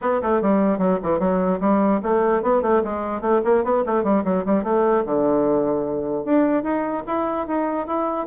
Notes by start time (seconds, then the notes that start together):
0.01 B3
0.22 A3
0.41 G3
0.78 F#3
1.02 E3
1.19 F#3
1.60 G3
2.02 A3
2.42 B3
2.62 A3
2.84 G#3
3.21 A3
3.44 A#3
3.64 B3
3.86 A3
4.03 G3
4.24 F#3
4.45 G3
4.63 A3
5.05 D3
6.24 D4
6.63 D#4
7.07 E4
7.47 D#4
7.87 E4